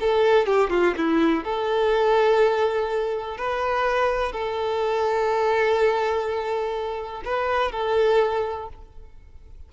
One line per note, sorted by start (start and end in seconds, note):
0.00 0.46 A4
0.46 0.70 G4
0.70 0.94 F4
0.97 1.44 E4
1.44 3.37 A4
3.37 4.32 B4
4.32 7.22 A4
7.24 7.72 B4
7.72 8.69 A4